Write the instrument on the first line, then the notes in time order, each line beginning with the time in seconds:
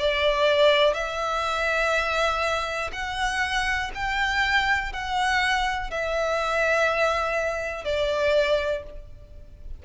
violin
0.00 D5
0.94 E5
2.93 F#5
3.95 G5
4.93 F#5
5.91 E5
7.85 D5